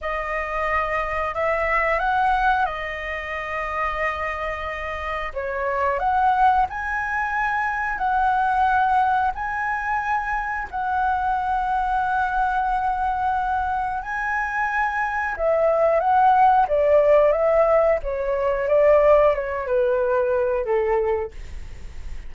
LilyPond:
\new Staff \with { instrumentName = "flute" } { \time 4/4 \tempo 4 = 90 dis''2 e''4 fis''4 | dis''1 | cis''4 fis''4 gis''2 | fis''2 gis''2 |
fis''1~ | fis''4 gis''2 e''4 | fis''4 d''4 e''4 cis''4 | d''4 cis''8 b'4. a'4 | }